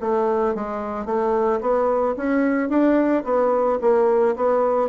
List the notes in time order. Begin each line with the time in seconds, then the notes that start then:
0.00 A3
0.54 G#3
1.05 A3
1.60 B3
2.16 C#4
2.69 D4
3.24 B3
3.81 A#3
4.36 B3